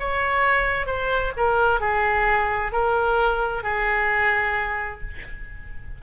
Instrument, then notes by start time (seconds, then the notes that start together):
oboe
0.00 C#5
0.87 C5
1.37 A#4
1.81 G#4
2.72 A#4
3.64 G#4